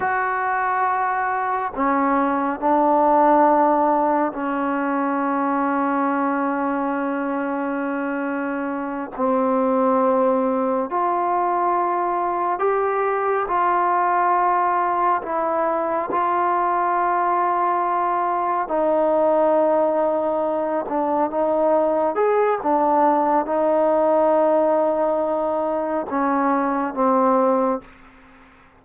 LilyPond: \new Staff \with { instrumentName = "trombone" } { \time 4/4 \tempo 4 = 69 fis'2 cis'4 d'4~ | d'4 cis'2.~ | cis'2~ cis'8 c'4.~ | c'8 f'2 g'4 f'8~ |
f'4. e'4 f'4.~ | f'4. dis'2~ dis'8 | d'8 dis'4 gis'8 d'4 dis'4~ | dis'2 cis'4 c'4 | }